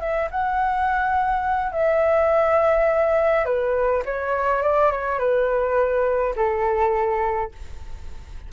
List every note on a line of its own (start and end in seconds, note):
0.00 0.29 E5
0.30 1.72 F#5
1.72 3.45 E5
3.45 4.03 B4
4.05 4.62 C#5
4.62 4.91 D5
4.91 5.18 C#5
5.18 6.34 B4
6.36 7.51 A4